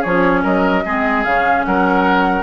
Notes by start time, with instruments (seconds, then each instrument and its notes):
0.00 bassoon F3, clarinet C#4, oboe G#4, flute C#5
0.43 bassoon F#3, oboe A#4, flute D#5
0.85 bassoon G#3, clarinet C4, oboe G#4
1.23 bassoon C#3, clarinet C#4, flute F5
1.64 bassoon F#3, oboe A#4, flute F#5